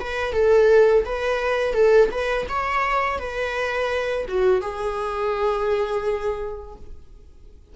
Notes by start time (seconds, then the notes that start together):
0.00 B4
0.33 A4
1.05 B4
1.74 A4
2.11 B4
2.49 C#5
3.19 B4
4.28 F#4
4.61 G#4